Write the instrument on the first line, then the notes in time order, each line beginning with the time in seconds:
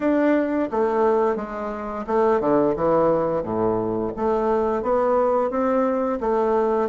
bassoon
0.00 D4
0.71 A3
1.36 G#3
2.06 A3
2.40 D3
2.76 E3
3.43 A2
4.16 A3
4.82 B3
5.50 C4
6.20 A3